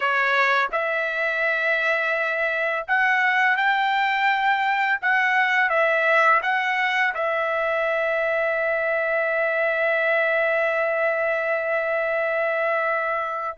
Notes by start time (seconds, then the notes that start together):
0.00 C#5
0.71 E5
2.87 F#5
3.56 G5
5.01 F#5
5.69 E5
6.42 F#5
7.14 E5